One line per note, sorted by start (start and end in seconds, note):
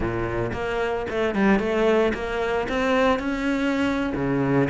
0.00 0.52 A#2
0.53 1.06 A#3
1.10 1.34 A3
1.34 1.59 G3
1.59 2.12 A3
2.14 2.67 A#3
2.69 3.19 C4
3.19 4.12 C#4
4.15 4.69 C#3